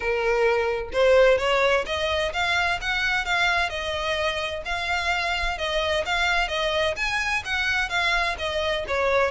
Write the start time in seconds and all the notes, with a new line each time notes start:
0.00 A#4
0.92 C5
1.38 C#5
1.85 D#5
2.33 F5
2.81 F#5
3.25 F5
3.69 D#5
4.65 F5
5.58 D#5
6.05 F5
6.48 D#5
6.96 G#5
7.44 F#5
7.89 F5
8.38 D#5
8.87 C#5